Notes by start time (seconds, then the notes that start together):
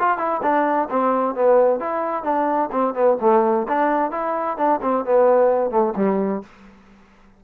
0.00 F4
0.18 E4
0.43 D4
0.90 C4
1.35 B3
1.80 E4
2.24 D4
2.72 C4
2.95 B3
3.21 A3
3.69 D4
4.12 E4
4.58 D4
4.82 C4
5.05 B3
5.71 A3
5.97 G3